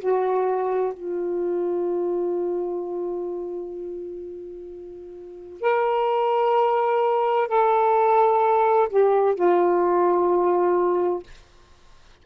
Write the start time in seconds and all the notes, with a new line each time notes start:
0.00 F#4
0.94 F4
5.61 A#4
7.48 A4
8.89 G4
9.35 F4